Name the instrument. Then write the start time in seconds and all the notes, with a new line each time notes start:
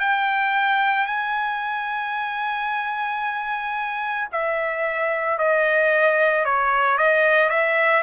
trumpet
0.00 G5
1.07 G#5
4.32 E5
5.38 D#5
6.45 C#5
6.98 D#5
7.49 E5